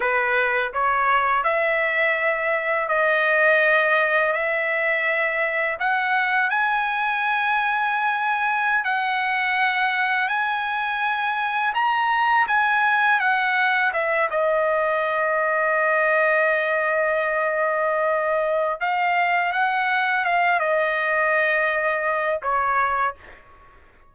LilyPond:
\new Staff \with { instrumentName = "trumpet" } { \time 4/4 \tempo 4 = 83 b'4 cis''4 e''2 | dis''2 e''2 | fis''4 gis''2.~ | gis''16 fis''2 gis''4.~ gis''16~ |
gis''16 ais''4 gis''4 fis''4 e''8 dis''16~ | dis''1~ | dis''2 f''4 fis''4 | f''8 dis''2~ dis''8 cis''4 | }